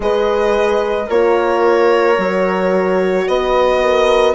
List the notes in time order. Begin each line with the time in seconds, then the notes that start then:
0.00 G#3 G#4 B4 D#5
1.06 A#3 F4 A#4 C#5
2.17 F#3 F#4
3.27 B3 B4 D#5
3.82 A#4